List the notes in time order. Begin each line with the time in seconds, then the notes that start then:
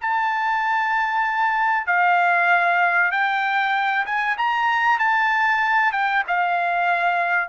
0.00 A5
1.86 F5
3.11 G5
4.05 G#5
4.37 A#5
4.99 A5
5.92 G5
6.27 F5